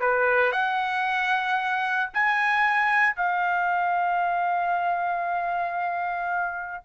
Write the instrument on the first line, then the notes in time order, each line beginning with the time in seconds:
trumpet
0.00 B4
0.52 F#5
2.13 G#5
3.16 F5